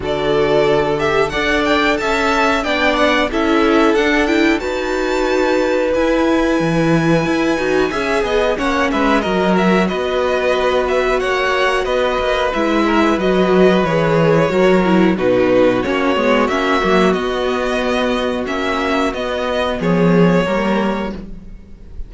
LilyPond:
<<
  \new Staff \with { instrumentName = "violin" } { \time 4/4 \tempo 4 = 91 d''4. e''8 fis''8 g''8 a''4 | g''8 fis''8 e''4 fis''8 g''8 a''4~ | a''4 gis''2.~ | gis''4 fis''8 e''8 dis''8 e''8 dis''4~ |
dis''8 e''8 fis''4 dis''4 e''4 | dis''4 cis''2 b'4 | cis''4 e''4 dis''2 | e''4 dis''4 cis''2 | }
  \new Staff \with { instrumentName = "violin" } { \time 4/4 a'2 d''4 e''4 | d''4 a'2 b'4~ | b'1 | e''8 dis''8 cis''8 b'8 ais'4 b'4~ |
b'4 cis''4 b'4. ais'16 b'16~ | b'2 ais'4 fis'4~ | fis'1~ | fis'2 gis'4 ais'4 | }
  \new Staff \with { instrumentName = "viola" } { \time 4/4 fis'4. g'8 a'2 | d'4 e'4 d'8 e'8 fis'4~ | fis'4 e'2~ e'8 fis'8 | gis'4 cis'4 fis'2~ |
fis'2. e'4 | fis'4 gis'4 fis'8 e'8 dis'4 | cis'8 b8 cis'8 ais8 b2 | cis'4 b2 ais4 | }
  \new Staff \with { instrumentName = "cello" } { \time 4/4 d2 d'4 cis'4 | b4 cis'4 d'4 dis'4~ | dis'4 e'4 e4 e'8 dis'8 | cis'8 b8 ais8 gis8 fis4 b4~ |
b4 ais4 b8 ais8 gis4 | fis4 e4 fis4 b,4 | ais8 gis8 ais8 fis8 b2 | ais4 b4 f4 g4 | }
>>